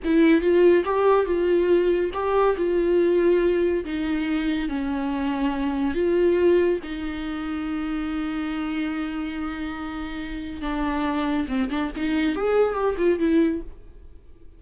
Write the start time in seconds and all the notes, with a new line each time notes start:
0.04 E4
0.41 F4
0.84 G4
1.25 F4
2.13 G4
2.56 F4
3.85 D#4
4.68 C#4
5.94 F4
6.83 D#4
10.61 D4
11.48 C4
11.70 D4
11.96 D#4
12.35 G#4
12.74 G4
12.97 F4
13.19 E4